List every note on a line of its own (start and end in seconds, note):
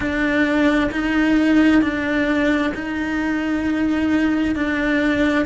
0.00 0.90 D4
0.91 1.82 D#4
1.82 2.73 D4
2.74 4.55 D#4
4.55 5.45 D4